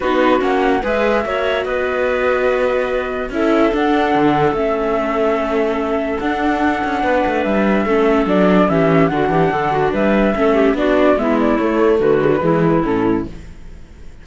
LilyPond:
<<
  \new Staff \with { instrumentName = "flute" } { \time 4/4 \tempo 4 = 145 b'4 fis''4 e''2 | dis''1 | e''4 fis''2 e''4~ | e''2. fis''4~ |
fis''2 e''2 | d''4 e''4 fis''2 | e''2 d''4 e''8 d''8 | cis''4 b'2 a'4 | }
  \new Staff \with { instrumentName = "clarinet" } { \time 4/4 fis'2 b'4 cis''4 | b'1 | a'1~ | a'1~ |
a'4 b'2 a'4~ | a'4 g'4 fis'8 g'8 a'8 fis'8 | b'4 a'8 g'8 fis'4 e'4~ | e'4 fis'4 e'2 | }
  \new Staff \with { instrumentName = "viola" } { \time 4/4 dis'4 cis'4 gis'4 fis'4~ | fis'1 | e'4 d'2 cis'4~ | cis'2. d'4~ |
d'2. cis'4 | d'4 cis'4 d'2~ | d'4 cis'4 d'4 b4 | a4. gis16 fis16 gis4 cis'4 | }
  \new Staff \with { instrumentName = "cello" } { \time 4/4 b4 ais4 gis4 ais4 | b1 | cis'4 d'4 d4 a4~ | a2. d'4~ |
d'8 cis'8 b8 a8 g4 a4 | fis4 e4 d8 e8 d4 | g4 a4 b4 gis4 | a4 d4 e4 a,4 | }
>>